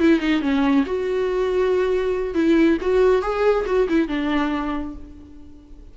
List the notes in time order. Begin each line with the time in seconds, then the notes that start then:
0.00 E4
0.19 D#4
0.41 C#4
0.86 F#4
2.34 E4
2.81 F#4
3.22 G#4
3.66 F#4
3.89 E4
4.08 D4